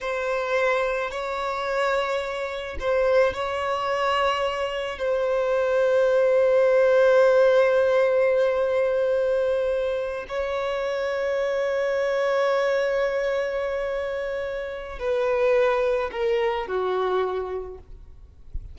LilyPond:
\new Staff \with { instrumentName = "violin" } { \time 4/4 \tempo 4 = 108 c''2 cis''2~ | cis''4 c''4 cis''2~ | cis''4 c''2.~ | c''1~ |
c''2~ c''8 cis''4.~ | cis''1~ | cis''2. b'4~ | b'4 ais'4 fis'2 | }